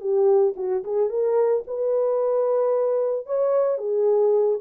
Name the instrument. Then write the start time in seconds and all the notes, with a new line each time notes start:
horn
0.00 G4
0.56 F#4
0.84 G#4
1.09 A#4
1.67 B4
3.26 C#5
3.78 G#4